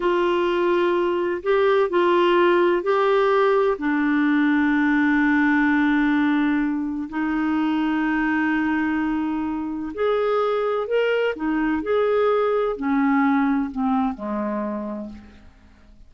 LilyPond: \new Staff \with { instrumentName = "clarinet" } { \time 4/4 \tempo 4 = 127 f'2. g'4 | f'2 g'2 | d'1~ | d'2. dis'4~ |
dis'1~ | dis'4 gis'2 ais'4 | dis'4 gis'2 cis'4~ | cis'4 c'4 gis2 | }